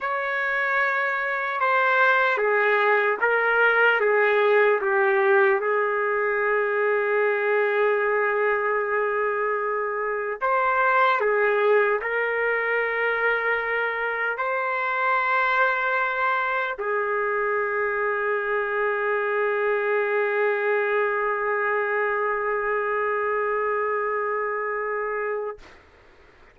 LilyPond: \new Staff \with { instrumentName = "trumpet" } { \time 4/4 \tempo 4 = 75 cis''2 c''4 gis'4 | ais'4 gis'4 g'4 gis'4~ | gis'1~ | gis'4 c''4 gis'4 ais'4~ |
ais'2 c''2~ | c''4 gis'2.~ | gis'1~ | gis'1 | }